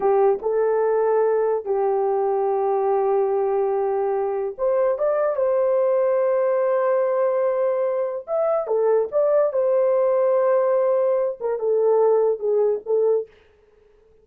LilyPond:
\new Staff \with { instrumentName = "horn" } { \time 4/4 \tempo 4 = 145 g'4 a'2. | g'1~ | g'2. c''4 | d''4 c''2.~ |
c''1 | e''4 a'4 d''4 c''4~ | c''2.~ c''8 ais'8 | a'2 gis'4 a'4 | }